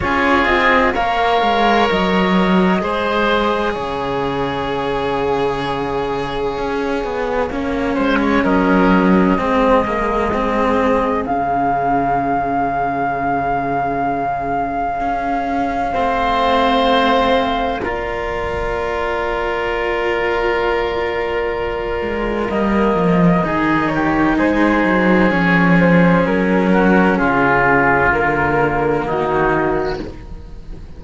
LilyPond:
<<
  \new Staff \with { instrumentName = "flute" } { \time 4/4 \tempo 4 = 64 cis''8 dis''8 f''4 dis''2 | f''1~ | f''4 dis''2. | f''1~ |
f''2. d''4~ | d''1 | dis''4. cis''8 c''4 cis''8 c''8 | ais'4 gis'4 ais'4 fis'4 | }
  \new Staff \with { instrumentName = "oboe" } { \time 4/4 gis'4 cis''2 c''4 | cis''1~ | cis''8 c''16 cis''16 ais'4 gis'2~ | gis'1~ |
gis'4 c''2 ais'4~ | ais'1~ | ais'4 gis'8 g'8 gis'2~ | gis'8 fis'8 f'2 dis'4 | }
  \new Staff \with { instrumentName = "cello" } { \time 4/4 f'4 ais'2 gis'4~ | gis'1 | cis'2 c'8 ais8 c'4 | cis'1~ |
cis'4 c'2 f'4~ | f'1 | ais4 dis'2 cis'4~ | cis'2 ais2 | }
  \new Staff \with { instrumentName = "cello" } { \time 4/4 cis'8 c'8 ais8 gis8 fis4 gis4 | cis2. cis'8 b8 | ais8 gis8 fis4 gis2 | cis1 |
cis'4 a2 ais4~ | ais2.~ ais8 gis8 | g8 f8 dis4 gis8 fis8 f4 | fis4 cis4 d4 dis4 | }
>>